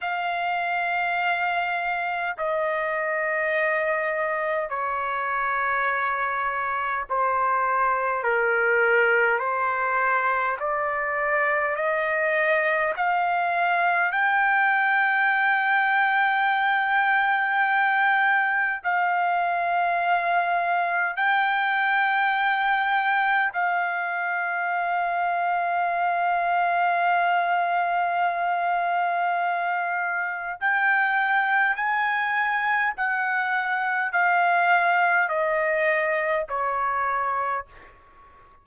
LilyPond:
\new Staff \with { instrumentName = "trumpet" } { \time 4/4 \tempo 4 = 51 f''2 dis''2 | cis''2 c''4 ais'4 | c''4 d''4 dis''4 f''4 | g''1 |
f''2 g''2 | f''1~ | f''2 g''4 gis''4 | fis''4 f''4 dis''4 cis''4 | }